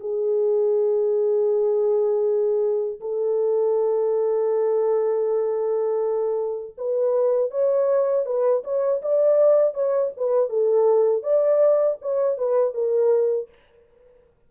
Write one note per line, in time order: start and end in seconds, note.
0.00 3.00 G#4
3.00 6.75 A4
6.78 7.51 B4
7.51 8.26 C#5
8.26 8.63 B4
8.64 9.01 C#5
9.02 9.74 D5
9.74 10.11 C#5
10.17 10.49 B4
10.49 11.23 A4
11.23 11.98 D5
12.01 12.38 C#5
12.38 12.74 B4
12.74 13.49 A#4